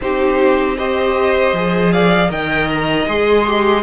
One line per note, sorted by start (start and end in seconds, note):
0.01 1.52 C4
0.01 0.78 D#4
0.01 0.77 G4
0.01 0.77 C5
0.77 1.55 G4
0.77 1.92 C5
0.77 1.92 D#5
1.52 2.29 F3
1.52 2.28 G#4
1.92 2.30 D5
1.92 2.30 F5
2.28 3.06 D#3
2.28 3.05 A#4
2.28 3.83 D#5
2.28 2.69 G5
2.69 3.07 A#5
3.07 3.83 G#3
3.07 3.45 G#4
3.07 3.83 C6
3.46 3.83 G4